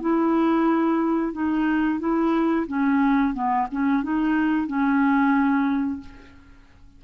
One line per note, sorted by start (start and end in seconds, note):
0.00 1.32 E4
1.32 1.99 D#4
1.99 2.65 E4
2.67 3.33 C#4
3.33 3.67 B3
3.71 4.02 C#4
4.02 4.67 D#4
4.67 6.00 C#4